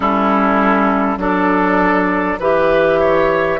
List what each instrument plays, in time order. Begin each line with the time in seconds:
0.00 bassoon G3, clarinet C#4, oboe E4, flute A4
1.17 bassoon F#3, clarinet D4, oboe A4, flute D5
2.39 bassoon E3, clarinet G4, oboe B4, flute E5
2.99 oboe C#5